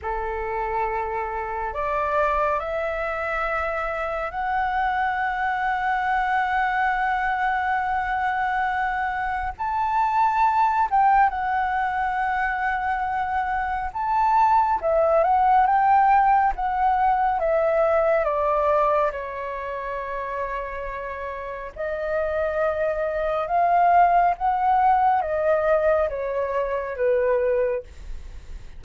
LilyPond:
\new Staff \with { instrumentName = "flute" } { \time 4/4 \tempo 4 = 69 a'2 d''4 e''4~ | e''4 fis''2.~ | fis''2. a''4~ | a''8 g''8 fis''2. |
a''4 e''8 fis''8 g''4 fis''4 | e''4 d''4 cis''2~ | cis''4 dis''2 f''4 | fis''4 dis''4 cis''4 b'4 | }